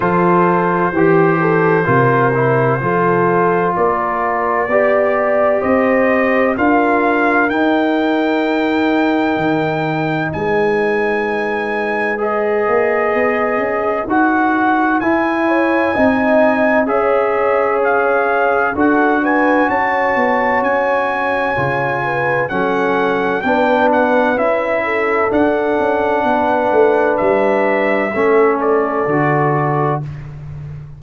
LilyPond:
<<
  \new Staff \with { instrumentName = "trumpet" } { \time 4/4 \tempo 4 = 64 c''1 | d''2 dis''4 f''4 | g''2. gis''4~ | gis''4 dis''2 fis''4 |
gis''2 e''4 f''4 | fis''8 gis''8 a''4 gis''2 | fis''4 g''8 fis''8 e''4 fis''4~ | fis''4 e''4. d''4. | }
  \new Staff \with { instrumentName = "horn" } { \time 4/4 a'4 g'8 a'8 ais'4 a'4 | ais'4 d''4 c''4 ais'4~ | ais'2. b'4~ | b'1~ |
b'8 cis''8 dis''4 cis''2 | a'8 b'8 cis''2~ cis''8 b'8 | a'4 b'4. a'4. | b'2 a'2 | }
  \new Staff \with { instrumentName = "trombone" } { \time 4/4 f'4 g'4 f'8 e'8 f'4~ | f'4 g'2 f'4 | dis'1~ | dis'4 gis'2 fis'4 |
e'4 dis'4 gis'2 | fis'2. f'4 | cis'4 d'4 e'4 d'4~ | d'2 cis'4 fis'4 | }
  \new Staff \with { instrumentName = "tuba" } { \time 4/4 f4 e4 c4 f4 | ais4 b4 c'4 d'4 | dis'2 dis4 gis4~ | gis4. ais8 b8 cis'8 dis'4 |
e'4 c'4 cis'2 | d'4 cis'8 b8 cis'4 cis4 | fis4 b4 cis'4 d'8 cis'8 | b8 a8 g4 a4 d4 | }
>>